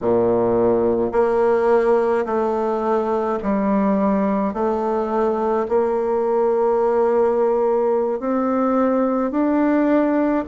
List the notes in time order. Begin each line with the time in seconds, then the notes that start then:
0.01 A#2
1.12 A#3
2.25 A3
3.43 G3
4.53 A3
5.68 A#3
8.19 C4
9.31 D4